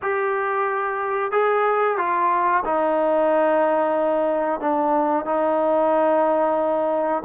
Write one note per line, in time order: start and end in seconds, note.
0.02 1.31 G4
1.31 1.97 G#4
1.98 2.63 F4
2.64 4.60 D#4
4.60 5.25 D4
5.25 7.23 D#4